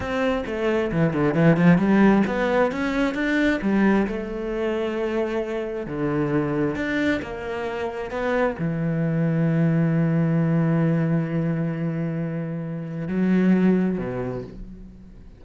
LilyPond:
\new Staff \with { instrumentName = "cello" } { \time 4/4 \tempo 4 = 133 c'4 a4 e8 d8 e8 f8 | g4 b4 cis'4 d'4 | g4 a2.~ | a4 d2 d'4 |
ais2 b4 e4~ | e1~ | e1~ | e4 fis2 b,4 | }